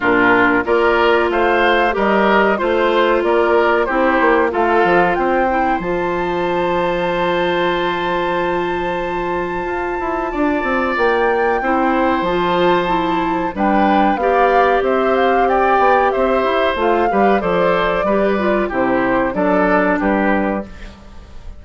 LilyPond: <<
  \new Staff \with { instrumentName = "flute" } { \time 4/4 \tempo 4 = 93 ais'4 d''4 f''4 dis''4 | c''4 d''4 c''4 f''4 | g''4 a''2.~ | a''1~ |
a''4 g''2 a''4~ | a''4 g''4 f''4 e''8 f''8 | g''4 e''4 f''4 d''4~ | d''4 c''4 d''4 b'4 | }
  \new Staff \with { instrumentName = "oboe" } { \time 4/4 f'4 ais'4 c''4 ais'4 | c''4 ais'4 g'4 a'4 | c''1~ | c''1 |
d''2 c''2~ | c''4 b'4 d''4 c''4 | d''4 c''4. b'8 c''4 | b'4 g'4 a'4 g'4 | }
  \new Staff \with { instrumentName = "clarinet" } { \time 4/4 d'4 f'2 g'4 | f'2 e'4 f'4~ | f'8 e'8 f'2.~ | f'1~ |
f'2 e'4 f'4 | e'4 d'4 g'2~ | g'2 f'8 g'8 a'4 | g'8 f'8 e'4 d'2 | }
  \new Staff \with { instrumentName = "bassoon" } { \time 4/4 ais,4 ais4 a4 g4 | a4 ais4 c'8 ais8 a8 f8 | c'4 f2.~ | f2. f'8 e'8 |
d'8 c'8 ais4 c'4 f4~ | f4 g4 b4 c'4~ | c'8 b8 c'8 e'8 a8 g8 f4 | g4 c4 fis4 g4 | }
>>